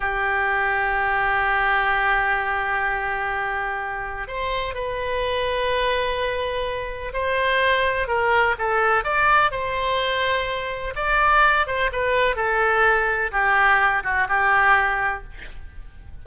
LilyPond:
\new Staff \with { instrumentName = "oboe" } { \time 4/4 \tempo 4 = 126 g'1~ | g'1~ | g'4 c''4 b'2~ | b'2. c''4~ |
c''4 ais'4 a'4 d''4 | c''2. d''4~ | d''8 c''8 b'4 a'2 | g'4. fis'8 g'2 | }